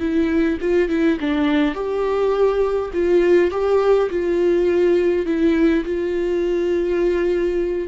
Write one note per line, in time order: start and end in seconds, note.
0.00 0.58 E4
0.61 0.89 F4
0.89 1.18 E4
1.20 1.75 D4
1.75 2.91 G4
2.93 3.51 F4
3.51 4.10 G4
4.10 5.26 F4
5.26 5.84 E4
5.85 7.88 F4